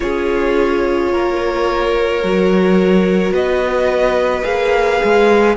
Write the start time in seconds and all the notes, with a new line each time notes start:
0.00 C#4 F4 G#4 C#5
1.12 A#3 A#4
2.23 F#3 F#4
3.31 B3 B4 D#5
4.43 A#3 G#4 F5
5.03 G#3